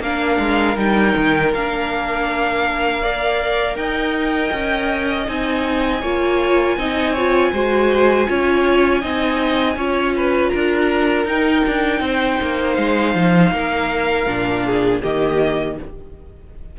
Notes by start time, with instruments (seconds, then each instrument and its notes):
0.00 cello A#3, viola D4, violin A#4 F5
0.39 cello G#3
0.76 cello G3, viola D#4, violin G5
1.17 cello D#3
1.54 cello A#3, viola D4, violin F5
3.01 viola A#4, violin D5
3.75 cello D#4, violin D#5 G5
4.53 cello C#4
5.25 cello C4, viola D#4, violin G#5
6.01 cello A#3, viola F4, violin C#5
6.77 cello C4, viola D#4, violin D#5
7.13 viola F4, violin C#5
7.52 cello G#3, viola F#4, violin C5
8.27 cello C#4, viola F4, violin C#5
9.01 cello C4, viola D#4, violin D#5
9.76 cello C#4, viola F4, violin C#5
10.16 violin B4
10.48 cello D4, violin A#4 A#5
11.25 cello D#4, viola D#4, violin G5
11.67 cello D4
12.00 cello C4, violin C5
12.42 cello A#3
12.74 cello G#3, violin F5
13.15 cello F3
13.51 cello A#3, violin A#4
14.26 cello A#2, viola D4
14.66 violin G#4
15.02 cello D#3, viola A#3, violin G4 D#5